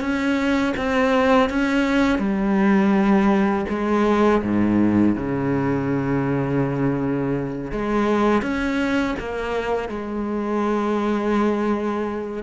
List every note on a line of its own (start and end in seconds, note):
0.00 0.73 C#4
0.76 1.49 C4
1.49 2.19 C#4
2.19 3.65 G3
3.69 4.42 G#3
4.42 5.15 G#2
5.16 7.71 C#3
7.71 8.41 G#3
8.41 9.15 C#4
9.19 9.88 A#3
9.88 12.43 G#3